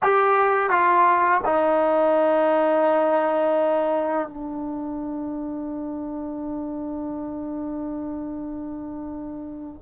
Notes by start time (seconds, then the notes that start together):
0.02 G4
0.69 F4
1.44 D#4
4.28 D4